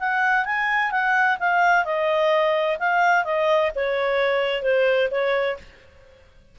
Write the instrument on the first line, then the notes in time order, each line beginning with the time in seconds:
clarinet
0.00 F#5
0.45 G#5
0.91 F#5
1.40 F5
1.85 D#5
2.79 F5
3.25 D#5
3.76 C#5
4.63 C5
5.11 C#5